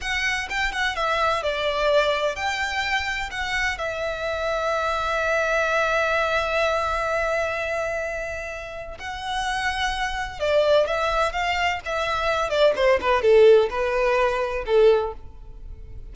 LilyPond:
\new Staff \with { instrumentName = "violin" } { \time 4/4 \tempo 4 = 127 fis''4 g''8 fis''8 e''4 d''4~ | d''4 g''2 fis''4 | e''1~ | e''1~ |
e''2. fis''4~ | fis''2 d''4 e''4 | f''4 e''4. d''8 c''8 b'8 | a'4 b'2 a'4 | }